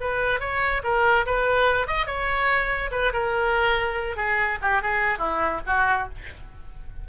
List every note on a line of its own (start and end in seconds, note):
0.00 0.40 B4
0.40 0.82 C#5
0.83 1.25 A#4
1.25 1.87 B4
1.87 2.06 D#5
2.06 2.90 C#5
2.91 3.12 B4
3.12 4.16 A#4
4.16 4.58 G#4
4.61 4.82 G4
4.82 5.18 G#4
5.18 5.60 E4
5.66 6.08 F#4